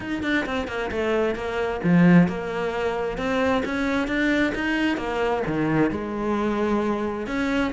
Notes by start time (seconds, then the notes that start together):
0.00 D#4
0.23 D4
0.46 C4
0.67 A#3
0.91 A3
1.35 A#3
1.83 F3
2.27 A#3
3.17 C4
3.65 C#4
4.07 D4
4.54 D#4
4.97 A#3
5.46 D#3
5.90 G#3
7.26 C#4